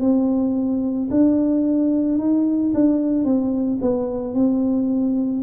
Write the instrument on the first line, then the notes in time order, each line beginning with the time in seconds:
tuba
0.00 C4
1.11 D4
2.18 D#4
2.74 D4
3.24 C4
3.81 B3
4.34 C4